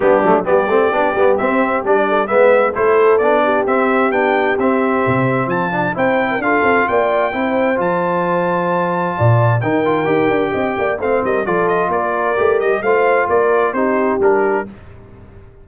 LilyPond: <<
  \new Staff \with { instrumentName = "trumpet" } { \time 4/4 \tempo 4 = 131 g'4 d''2 e''4 | d''4 e''4 c''4 d''4 | e''4 g''4 e''2 | a''4 g''4 f''4 g''4~ |
g''4 a''2.~ | a''4 g''2. | f''8 dis''8 d''8 dis''8 d''4. dis''8 | f''4 d''4 c''4 ais'4 | }
  \new Staff \with { instrumentName = "horn" } { \time 4/4 d'4 g'2.~ | g'8 a'8 b'4 a'4. g'8~ | g'1 | f'4 c''8. ais'16 a'4 d''4 |
c''1 | d''4 ais'2 dis''8 d''8 | c''8 ais'8 a'4 ais'2 | c''4 ais'4 g'2 | }
  \new Staff \with { instrumentName = "trombone" } { \time 4/4 b8 a8 b8 c'8 d'8 b8 c'4 | d'4 b4 e'4 d'4 | c'4 d'4 c'2~ | c'8 d'8 e'4 f'2 |
e'4 f'2.~ | f'4 dis'8 f'8 g'2 | c'4 f'2 g'4 | f'2 dis'4 d'4 | }
  \new Staff \with { instrumentName = "tuba" } { \time 4/4 g8 fis8 g8 a8 b8 g8 c'4 | g4 gis4 a4 b4 | c'4 b4 c'4 c4 | f4 c'4 d'8 c'8 ais4 |
c'4 f2. | ais,4 dis4 dis'8 d'8 c'8 ais8 | a8 g8 f4 ais4 a8 g8 | a4 ais4 c'4 g4 | }
>>